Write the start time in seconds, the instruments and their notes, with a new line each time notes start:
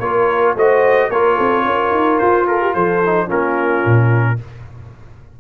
0.00 tuba A#3, trombone F4, horn A#4, trumpet C#5
0.55 tuba A3, trombone F#4, horn C5, trumpet D#5
1.09 tuba A#3, trombone F4, horn A#4, trumpet C#5
1.36 tuba C4, horn A4
1.65 tuba C#4, horn A#4
1.91 tuba D#4
2.19 tuba F4, trumpet C5
2.48 horn A4, trumpet A#4
2.61 horn G4
2.74 tuba F3, horn A4, trumpet C5
3.05 trombone D#4
3.27 tuba A#3, trombone C#4, horn F4, trumpet A#4
3.86 tuba A#2